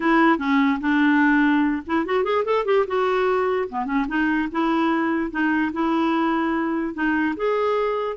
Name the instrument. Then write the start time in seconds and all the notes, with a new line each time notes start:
clarinet
0.00 E4
0.38 C#4
0.80 D4
1.86 E4
2.05 F#4
2.24 G#4
2.45 A4
2.65 G4
2.87 F#4
3.69 B3
3.85 C#4
4.07 D#4
4.51 E4
5.31 D#4
5.73 E4
6.94 D#4
7.36 G#4